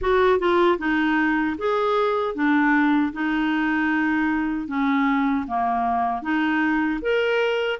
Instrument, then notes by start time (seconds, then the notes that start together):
clarinet
0.01 F#4
0.39 F4
0.78 D#4
1.58 G#4
2.34 D4
3.12 D#4
4.67 C#4
5.47 A#3
6.22 D#4
7.01 A#4